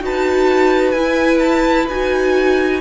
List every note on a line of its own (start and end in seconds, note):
0.00 0.93 D#4
0.00 0.94 F#4
0.00 2.81 B4
0.00 0.91 A5
0.91 1.87 E4
0.91 1.90 E4
0.91 1.38 G#5
1.39 1.86 A5
1.88 2.81 D#4
1.88 2.81 F#4
1.88 2.81 G#5